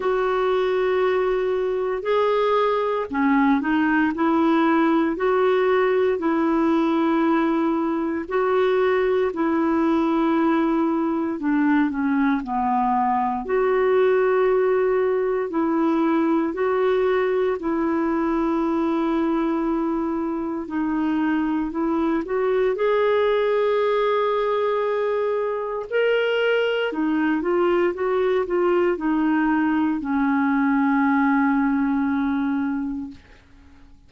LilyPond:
\new Staff \with { instrumentName = "clarinet" } { \time 4/4 \tempo 4 = 58 fis'2 gis'4 cis'8 dis'8 | e'4 fis'4 e'2 | fis'4 e'2 d'8 cis'8 | b4 fis'2 e'4 |
fis'4 e'2. | dis'4 e'8 fis'8 gis'2~ | gis'4 ais'4 dis'8 f'8 fis'8 f'8 | dis'4 cis'2. | }